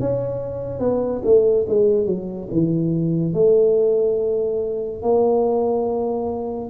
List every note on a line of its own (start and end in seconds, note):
0.00 0.80 C#4
0.80 1.22 B3
1.24 1.67 A3
1.69 2.06 G#3
2.06 2.48 F#3
2.52 3.33 E3
3.33 5.02 A3
5.02 6.70 A#3